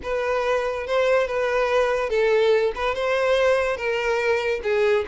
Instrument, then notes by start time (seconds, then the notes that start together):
violin
0.02 B4
0.86 C5
1.27 B4
2.09 A4
2.75 B4
2.94 C5
3.76 A#4
4.63 G#4